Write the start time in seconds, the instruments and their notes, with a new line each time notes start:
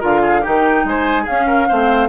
0.00 bassoon D3, clarinet F4, oboe A#4, flute F5
0.22 oboe G#4
0.41 bassoon D#3, clarinet D#4, oboe G4, flute G5
0.85 bassoon G#3, oboe C5, flute G#5
1.23 clarinet C#4, bassoon C#4, oboe G#4, flute F5
1.47 oboe A#4
1.69 bassoon A3, clarinet C4, oboe C5